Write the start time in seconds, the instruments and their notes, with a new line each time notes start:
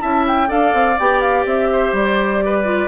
0.00 bassoon C#4, clarinet E4, oboe E5, flute A5
0.27 flute G5
0.47 bassoon D4, clarinet A4, oboe D5, flute F5
0.73 bassoon C4
0.99 bassoon B3, clarinet G4, flute G5
1.21 flute F5
1.45 bassoon C4, flute E5
1.72 oboe C5
1.92 bassoon G3, flute D5
2.45 oboe B4
2.64 clarinet F4